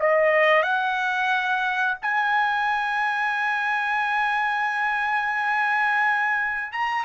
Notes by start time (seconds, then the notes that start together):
0.00 D#5
0.63 F#5
2.02 G#5
6.73 A#5